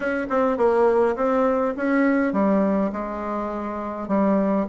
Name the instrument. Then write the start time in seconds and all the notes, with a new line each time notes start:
bassoon
0.00 C#4
0.29 C4
0.57 A#3
1.16 C4
1.76 C#4
2.32 G3
2.92 G#3
4.08 G3